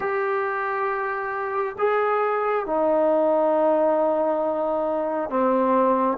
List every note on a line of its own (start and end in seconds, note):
0.00 1.76 G4
1.78 2.66 G#4
2.66 5.29 D#4
5.29 6.17 C4